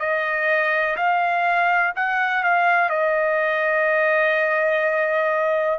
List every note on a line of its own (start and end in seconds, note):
0.00 0.97 D#5
0.97 1.94 F5
1.96 2.44 F#5
2.44 2.90 F5
2.90 5.80 D#5